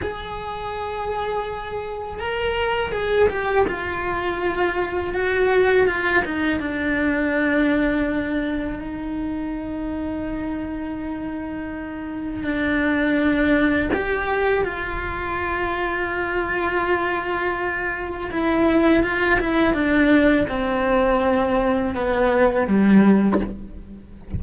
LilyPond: \new Staff \with { instrumentName = "cello" } { \time 4/4 \tempo 4 = 82 gis'2. ais'4 | gis'8 g'8 f'2 fis'4 | f'8 dis'8 d'2. | dis'1~ |
dis'4 d'2 g'4 | f'1~ | f'4 e'4 f'8 e'8 d'4 | c'2 b4 g4 | }